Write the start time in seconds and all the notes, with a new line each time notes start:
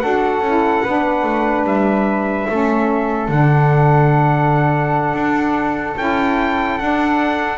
0.00 D4 F#4 A4 F#5
0.40 C#4 E4
0.84 B3 D4 B4
1.23 A3
1.64 G3 E5
2.49 A3 C#4 A4
3.28 D3 D4 F#5
5.14 D4
5.97 C#4 E4 G5
6.78 D4 F#5